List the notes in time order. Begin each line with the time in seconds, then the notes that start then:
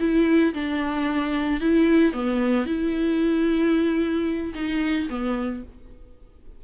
0.00 E4
0.54 D4
1.61 E4
2.14 B3
2.66 E4
4.55 D#4
5.10 B3